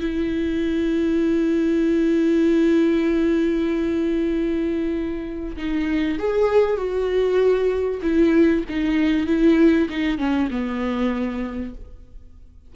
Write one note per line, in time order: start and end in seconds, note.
0.00 5.57 E4
5.57 6.19 D#4
6.19 6.77 G#4
6.77 8.01 F#4
8.03 8.65 E4
8.69 9.27 D#4
9.27 9.89 E4
9.90 10.19 D#4
10.19 10.50 C#4
10.51 11.75 B3